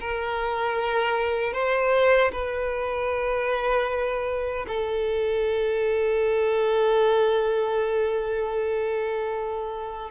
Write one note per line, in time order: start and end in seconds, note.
0.00 1.53 A#4
1.53 2.31 C5
2.32 4.66 B4
4.68 10.10 A4